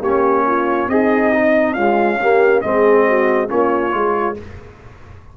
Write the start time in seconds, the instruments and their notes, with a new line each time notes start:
0.00 tuba A#3, trombone C#4, horn G4, trumpet C#5
0.47 horn F4
0.88 tuba C4, horn D#4, trombone G#4, trumpet D#5
1.33 trombone D#4
1.74 trombone G#3, tuba C#4, horn F4, trumpet F5
2.21 trombone A#3, horn G4
2.61 tuba G#3, trombone C4, horn G#4, trumpet D#5
3.07 horn F#4
3.48 tuba A#3, trombone C#4, horn F4, trumpet C#5
3.91 tuba G#3, trombone F4